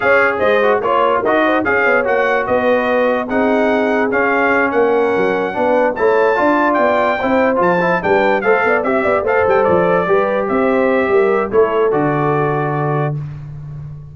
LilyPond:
<<
  \new Staff \with { instrumentName = "trumpet" } { \time 4/4 \tempo 4 = 146 f''4 dis''4 cis''4 dis''4 | f''4 fis''4 dis''2 | fis''2 f''4. fis''8~ | fis''2~ fis''8 a''4.~ |
a''8 g''2 a''4 g''8~ | g''8 f''4 e''4 f''8 g''8 d''8~ | d''4. e''2~ e''8 | cis''4 d''2. | }
  \new Staff \with { instrumentName = "horn" } { \time 4/4 cis''4 c''4 cis''4 ais'8 c''8 | cis''2 b'2 | gis'2.~ gis'8 ais'8~ | ais'4. b'4 cis''4 d''8~ |
d''4. c''2 b'8~ | b'8 c''8 d''8 e''8 d''8 c''4.~ | c''8 b'4 c''4. ais'4 | a'1 | }
  \new Staff \with { instrumentName = "trombone" } { \time 4/4 gis'4. fis'8 f'4 fis'4 | gis'4 fis'2. | dis'2 cis'2~ | cis'4. d'4 e'4 f'8~ |
f'4. e'4 f'8 e'8 d'8~ | d'8 a'4 g'4 a'4.~ | a'8 g'2.~ g'8 | e'4 fis'2. | }
  \new Staff \with { instrumentName = "tuba" } { \time 4/4 cis'4 gis4 ais4 dis'4 | cis'8 b8 ais4 b2 | c'2 cis'4. ais8~ | ais8 fis4 b4 a4 d'8~ |
d'8 b4 c'4 f4 g8~ | g8 a8 b8 c'8 b8 a8 g8 f8~ | f8 g4 c'4. g4 | a4 d2. | }
>>